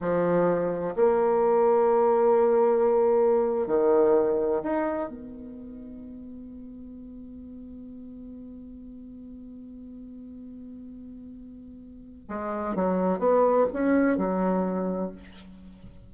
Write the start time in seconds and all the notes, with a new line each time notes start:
0.00 F3
0.95 A#3
3.67 D#3
4.62 D#4
5.09 B3
12.28 G#3
12.75 F#3
13.19 B3
13.73 C#4
14.17 F#3